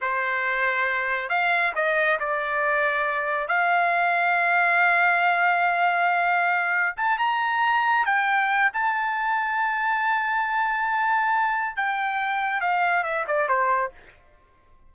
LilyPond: \new Staff \with { instrumentName = "trumpet" } { \time 4/4 \tempo 4 = 138 c''2. f''4 | dis''4 d''2. | f''1~ | f''1 |
a''8 ais''2 g''4. | a''1~ | a''2. g''4~ | g''4 f''4 e''8 d''8 c''4 | }